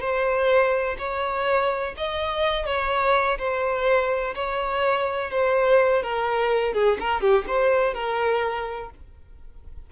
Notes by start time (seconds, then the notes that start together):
0.00 C5
0.98 C#5
1.97 D#5
2.66 C#5
3.38 C5
4.35 C#5
5.31 C5
6.03 A#4
6.74 G#4
7.00 A#4
7.21 G4
7.47 C5
7.94 A#4